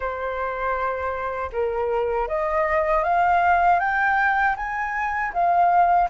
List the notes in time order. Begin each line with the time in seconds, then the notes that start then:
0.00 C5
1.52 A#4
2.28 D#5
3.03 F5
3.79 G5
4.56 G#5
5.33 F5